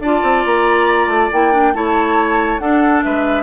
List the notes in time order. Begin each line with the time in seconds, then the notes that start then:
0.00 D4 F4 D5 A5
0.23 C4
0.45 A#3 A#5
1.07 A3 A5
1.33 A#3 E4 G5
1.53 D4
1.74 A3 E4 C#5 A5
2.59 D4 A4 F#5
3.03 G#3 B4 E5